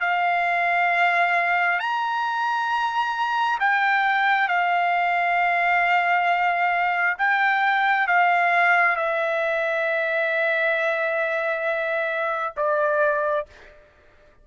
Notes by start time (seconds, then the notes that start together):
0.00 F5
1.80 A#5
3.59 G5
4.48 F5
7.18 G5
8.08 F5
8.96 E5
12.56 D5